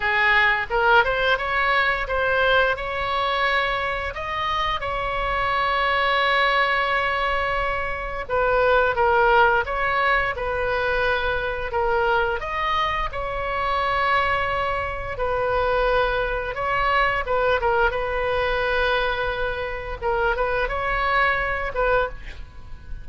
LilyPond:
\new Staff \with { instrumentName = "oboe" } { \time 4/4 \tempo 4 = 87 gis'4 ais'8 c''8 cis''4 c''4 | cis''2 dis''4 cis''4~ | cis''1 | b'4 ais'4 cis''4 b'4~ |
b'4 ais'4 dis''4 cis''4~ | cis''2 b'2 | cis''4 b'8 ais'8 b'2~ | b'4 ais'8 b'8 cis''4. b'8 | }